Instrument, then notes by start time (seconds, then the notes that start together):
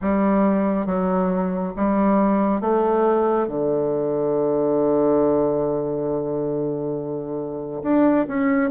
bassoon
0.01 G3
0.86 F#3
1.76 G3
2.60 A3
3.47 D3
7.83 D4
8.27 C#4